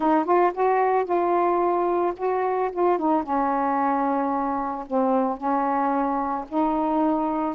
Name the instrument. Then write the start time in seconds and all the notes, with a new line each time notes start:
saxophone
0.00 D#4
0.25 F4
0.54 F#4
1.04 F4
2.16 F#4
2.72 F4
2.98 D#4
3.23 C#4
4.86 C4
5.37 C#4
6.48 D#4